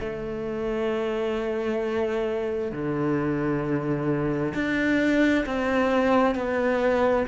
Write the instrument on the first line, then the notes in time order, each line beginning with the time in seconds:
cello
0.00 A3
2.72 D3
4.55 D4
5.46 C4
6.35 B3